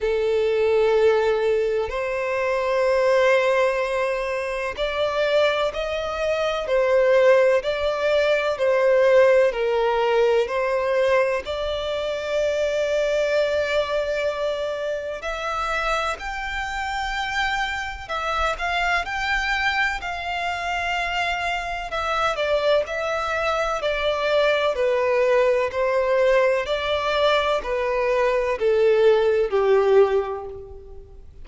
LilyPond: \new Staff \with { instrumentName = "violin" } { \time 4/4 \tempo 4 = 63 a'2 c''2~ | c''4 d''4 dis''4 c''4 | d''4 c''4 ais'4 c''4 | d''1 |
e''4 g''2 e''8 f''8 | g''4 f''2 e''8 d''8 | e''4 d''4 b'4 c''4 | d''4 b'4 a'4 g'4 | }